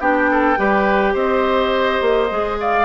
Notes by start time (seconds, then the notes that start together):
0.00 B3 D4 G4 G5
0.31 A4
0.57 G3 G4 B4
1.14 C4 C5 D#5
2.02 A#3
2.30 G#3 G#4
2.60 D5 F5